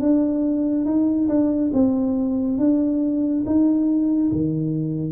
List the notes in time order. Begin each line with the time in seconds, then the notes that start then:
0.00 D4
0.85 D#4
1.28 D4
1.73 C4
2.58 D4
3.46 D#4
4.32 D#3